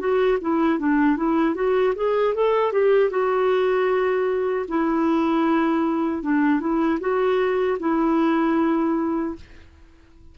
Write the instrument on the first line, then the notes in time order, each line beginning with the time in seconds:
clarinet
0.00 F#4
0.41 E4
0.80 D4
1.17 E4
1.55 F#4
1.96 G#4
2.35 A4
2.73 G4
3.11 F#4
4.69 E4
6.23 D4
6.61 E4
7.01 F#4
7.80 E4